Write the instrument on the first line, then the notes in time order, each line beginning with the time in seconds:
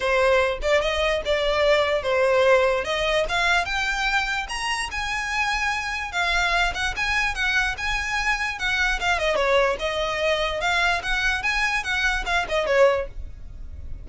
violin
0.00 C5
0.61 D5
0.81 D#5
1.25 D5
2.02 C5
2.84 D#5
3.28 F5
3.65 G5
4.48 A#5
4.91 G#5
6.12 F5
6.73 F#5
6.96 G#5
7.35 F#5
7.77 G#5
8.58 F#5
8.99 F5
9.18 D#5
9.35 C#5
9.79 D#5
10.60 F5
11.02 F#5
11.42 G#5
11.83 F#5
12.25 F5
12.48 D#5
12.66 C#5